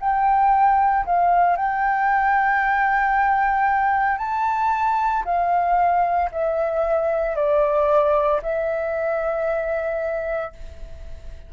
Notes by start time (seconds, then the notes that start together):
0.00 G5
1.06 F5
1.56 G5
4.18 A5
5.24 F5
6.32 E5
7.35 D5
8.42 E5